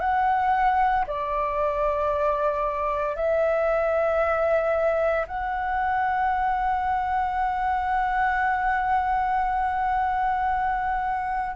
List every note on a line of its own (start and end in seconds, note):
0.00 1.05 F#5
1.07 3.16 D5
3.16 5.26 E5
5.27 11.56 F#5